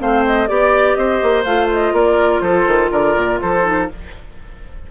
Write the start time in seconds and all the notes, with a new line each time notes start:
0.00 A3 C4 C5 F5
0.27 D#5
0.48 B3 G4 D5
0.95 C4 C5 D#5
1.23 A#3
1.44 A3 F4 F5
1.73 D#5
1.93 A#3 A#4 D5
2.41 F3 A4 C5
2.67 D#3
2.91 D3 A#4 D5
3.17 A#2
3.41 F3 A4 C5
3.64 D#4